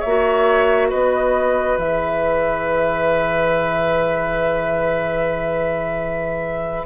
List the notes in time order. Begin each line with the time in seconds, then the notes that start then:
0.00 A#3 C#5 E5
0.07 F#4
0.90 B3 B4 D#5
1.78 E3 G#4 E5